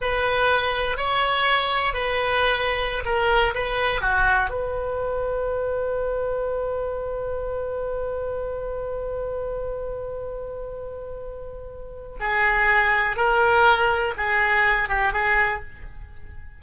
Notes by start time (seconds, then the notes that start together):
0.01 B4
0.97 C#5
1.93 B4
3.05 A#4
3.54 B4
4.01 F#4
4.49 B4
12.20 G#4
13.16 A#4
14.17 G#4
14.88 G4
15.12 G#4